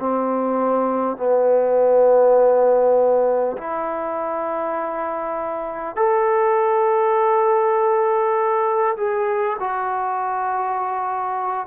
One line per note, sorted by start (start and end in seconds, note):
0.00 1.17 C4
1.17 3.57 B3
3.58 5.96 E4
5.96 8.96 A4
8.97 9.57 G#4
9.60 11.67 F#4